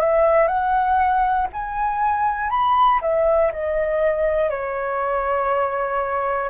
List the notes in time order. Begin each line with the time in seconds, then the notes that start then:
0.00 E5
0.47 F#5
1.52 G#5
2.50 B5
3.01 E5
3.52 D#5
4.50 C#5